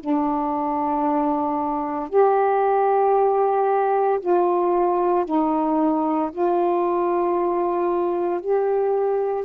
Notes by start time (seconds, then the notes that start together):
0.00 D4
2.10 G4
4.21 F4
5.26 D#4
6.32 F4
8.41 G4